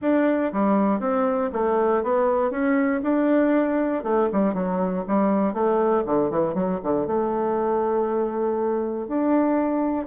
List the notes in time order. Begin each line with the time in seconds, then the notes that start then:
0.01 D4
0.52 G3
1.00 C4
1.52 A3
2.03 B3
2.50 C#4
3.03 D4
4.03 A3
4.32 G3
4.54 F#3
5.07 G3
5.53 A3
6.05 D3
6.30 E3
6.54 F#3
6.83 D3
7.06 A3
9.07 D4